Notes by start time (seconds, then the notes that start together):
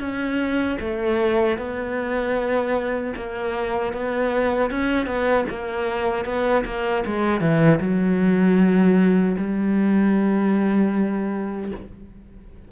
0.00 C#4
0.80 A3
1.58 B3
3.16 A#3
3.93 B3
4.71 C#4
5.06 B3
5.49 A#3
6.25 B3
6.65 A#3
7.06 G#3
7.41 E3
7.80 F#3
9.38 G3